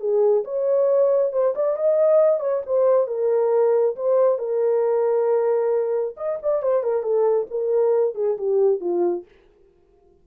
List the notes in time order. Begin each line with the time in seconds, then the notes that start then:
0.00 G#4
0.45 C#5
1.32 C5
1.55 D5
1.77 D#5
2.40 C#5
2.66 C5
3.07 A#4
3.96 C5
4.39 A#4
6.17 D#5
6.43 D5
6.63 C5
6.83 A#4
7.03 A4
7.51 A#4
8.15 G#4
8.38 G4
8.81 F4